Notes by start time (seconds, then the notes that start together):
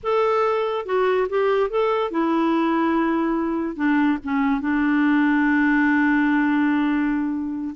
0.03 A4
0.85 F#4
1.29 G4
1.69 A4
2.10 E4
3.76 D4
4.23 C#4
4.60 D4